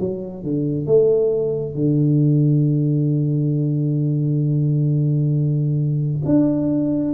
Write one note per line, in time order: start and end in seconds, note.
0.00 0.44 F#3
0.44 0.87 D3
0.87 1.75 A3
1.75 6.23 D3
6.25 7.14 D4